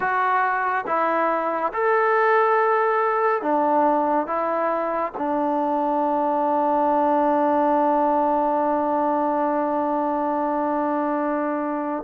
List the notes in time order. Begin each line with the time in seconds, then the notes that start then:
0.00 F#4
0.86 E4
1.73 A4
3.42 D4
4.26 E4
5.17 D4